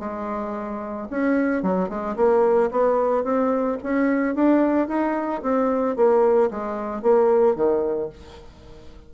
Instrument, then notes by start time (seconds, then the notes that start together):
bassoon
0.00 G#3
1.11 C#4
1.63 F#3
1.89 G#3
2.16 A#3
2.71 B3
3.24 C4
3.84 C#4
4.36 D4
4.88 D#4
5.43 C4
5.97 A#3
6.51 G#3
7.02 A#3
7.56 D#3